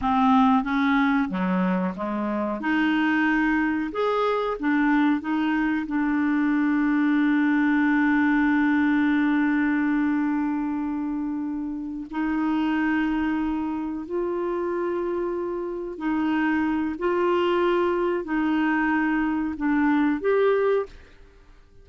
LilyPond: \new Staff \with { instrumentName = "clarinet" } { \time 4/4 \tempo 4 = 92 c'4 cis'4 fis4 gis4 | dis'2 gis'4 d'4 | dis'4 d'2.~ | d'1~ |
d'2~ d'8 dis'4.~ | dis'4. f'2~ f'8~ | f'8 dis'4. f'2 | dis'2 d'4 g'4 | }